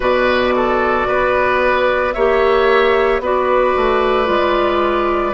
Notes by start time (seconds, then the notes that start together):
0.00 B2 F#4 B4 D5
0.55 A4
1.07 B3 B4
2.13 A#3 G4 C#5 E5
3.19 B3 F#4 B4 D5
3.76 A3
4.25 G#3 F4